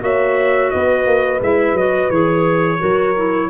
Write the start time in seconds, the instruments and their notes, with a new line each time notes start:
0.00 tuba A#3, clarinet F#4, horn C#5, trumpet E5
0.70 tuba B3, horn B4, trumpet D#5
1.06 tuba A#3
1.41 tuba G#3, clarinet E4, trumpet E5
1.73 tuba F#3, clarinet F#4, trumpet D#5
2.10 tuba E3, clarinet G#4, trumpet C#5
2.78 tuba F#3, clarinet F#4, horn A#4
3.16 clarinet E4